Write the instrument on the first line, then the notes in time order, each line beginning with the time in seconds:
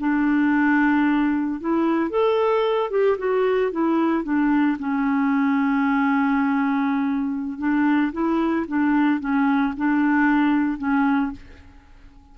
clarinet
0.00 D4
1.61 E4
2.11 A4
2.91 G4
3.19 F#4
3.72 E4
4.24 D4
4.79 C#4
7.59 D4
8.13 E4
8.68 D4
9.20 C#4
9.77 D4
10.78 C#4